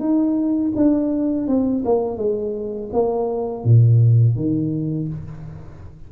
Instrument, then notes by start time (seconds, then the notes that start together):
tuba
0.00 D#4
0.76 D4
1.48 C4
1.85 A#3
2.17 G#3
2.92 A#3
3.64 A#2
4.36 D#3